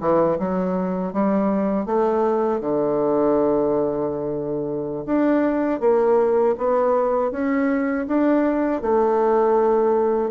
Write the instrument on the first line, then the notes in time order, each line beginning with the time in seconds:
bassoon
0.00 E3
0.39 F#3
1.13 G3
1.85 A3
2.60 D3
5.06 D4
5.80 A#3
6.58 B3
7.31 C#4
8.07 D4
8.82 A3